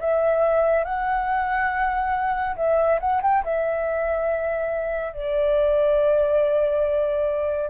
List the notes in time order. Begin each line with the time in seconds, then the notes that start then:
0.00 E5
0.85 F#5
2.57 E5
3.00 F#5
3.23 G5
3.44 E5
5.13 D5